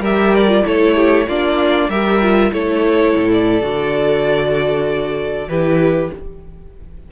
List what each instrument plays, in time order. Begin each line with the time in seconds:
0.00 cello G3, viola G4, violin A#4 E5
0.36 violin D5
0.49 viola F4
0.63 cello A3, viola E4, violin A4 C#5
0.96 violin G4
1.28 cello A#3, viola D4, violin F4 D5
1.89 cello G3, viola G4, violin A#4 E5
2.22 viola F4
2.53 cello A3, viola E4, violin A4 C#5
3.17 cello A2
3.33 violin D5
3.62 cello D3, viola F#4
5.48 cello E3, viola E4, violin G4 B4